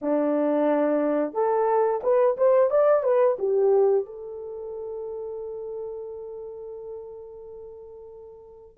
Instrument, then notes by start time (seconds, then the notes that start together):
horn
0.01 D4
1.33 A4
2.03 B4
2.37 C5
2.70 D5
3.03 B4
3.39 G4
4.05 A4